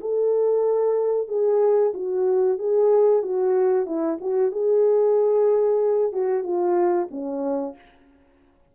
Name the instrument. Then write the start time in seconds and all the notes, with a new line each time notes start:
horn
0.00 A4
1.28 G#4
1.94 F#4
2.58 G#4
3.22 F#4
3.86 E4
4.20 F#4
4.51 G#4
6.12 F#4
6.43 F4
7.10 C#4